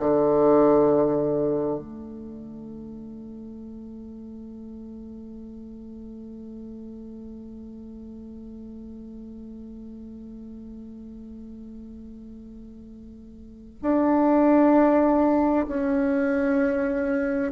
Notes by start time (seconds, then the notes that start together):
0.00 D3
1.79 A3
13.83 D4
15.68 C#4